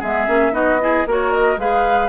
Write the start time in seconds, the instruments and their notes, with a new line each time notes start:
0.00 bassoon G#3, clarinet B3, oboe G#4, flute E5
0.27 bassoon A#3, clarinet C#4
0.53 bassoon B3, clarinet D#4, oboe F#4, flute D#5
0.80 clarinet E4, oboe G#4
1.07 bassoon A#3, clarinet F#4, oboe A#4, flute C#5
1.33 flute D#5
1.57 bassoon G#3, clarinet G#4, oboe B4, flute F5